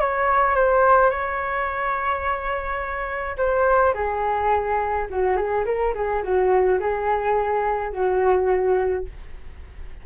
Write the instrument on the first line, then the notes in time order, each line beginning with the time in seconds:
flute
0.00 C#5
0.55 C5
1.10 C#5
3.37 C5
3.94 G#4
5.10 F#4
5.36 G#4
5.65 A#4
5.94 G#4
6.23 F#4
6.80 G#4
7.92 F#4